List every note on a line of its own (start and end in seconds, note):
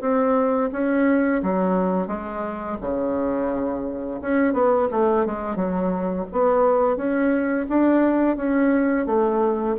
0.00 0.70 C4
0.72 1.41 C#4
1.42 2.07 F#3
2.07 2.77 G#3
2.81 4.20 C#3
4.21 4.53 C#4
4.53 4.88 B3
4.91 5.25 A3
5.25 5.55 G#3
5.55 6.25 F#3
6.32 6.96 B3
6.96 7.66 C#4
7.68 8.36 D4
8.36 9.06 C#4
9.06 9.75 A3